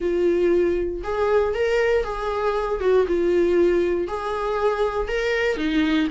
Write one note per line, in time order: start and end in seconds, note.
0.00 1.02 F4
1.03 1.54 G#4
1.54 2.04 A#4
2.04 2.80 G#4
2.80 3.06 F#4
3.07 4.07 F4
4.07 5.08 G#4
5.08 5.57 A#4
5.57 6.07 D#4